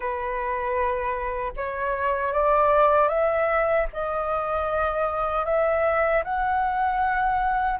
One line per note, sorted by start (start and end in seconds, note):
0.00 1.52 B4
1.56 2.32 C#5
2.32 3.08 D5
3.08 3.86 E5
3.92 5.45 D#5
5.45 6.23 E5
6.24 7.80 F#5